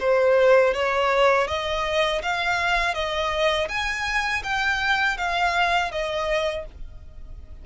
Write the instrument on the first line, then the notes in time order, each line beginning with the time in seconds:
violin
0.00 C5
0.74 C#5
1.48 D#5
2.22 F5
2.95 D#5
3.69 G#5
4.44 G5
5.18 F5
5.92 D#5